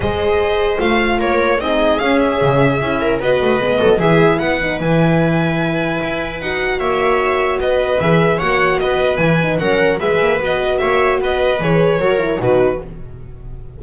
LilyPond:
<<
  \new Staff \with { instrumentName = "violin" } { \time 4/4 \tempo 4 = 150 dis''2 f''4 cis''4 | dis''4 f''8 e''2~ e''8 | dis''2 e''4 fis''4 | gis''1 |
fis''4 e''2 dis''4 | e''4 fis''4 dis''4 gis''4 | fis''4 e''4 dis''4 e''4 | dis''4 cis''2 b'4 | }
  \new Staff \with { instrumentName = "viola" } { \time 4/4 c''2. ais'4 | gis'2.~ gis'8 ais'8 | b'4. a'8 gis'4 b'4~ | b'1~ |
b'4 cis''2 b'4~ | b'4 cis''4 b'2 | ais'4 b'2 cis''4 | b'2 ais'4 fis'4 | }
  \new Staff \with { instrumentName = "horn" } { \time 4/4 gis'2 f'2 | dis'4 cis'2 e'4 | fis'4 b4 e'4. dis'8 | e'1 |
fis'1 | gis'4 fis'2 e'8 dis'8 | cis'4 gis'4 fis'2~ | fis'4 gis'4 fis'8 e'8 dis'4 | }
  \new Staff \with { instrumentName = "double bass" } { \time 4/4 gis2 a4 ais4 | c'4 cis'4 cis4 cis'4 | b8 a8 gis8 fis8 e4 b4 | e2. e'4 |
dis'4 ais2 b4 | e4 ais4 b4 e4 | fis4 gis8 ais8 b4 ais4 | b4 e4 fis4 b,4 | }
>>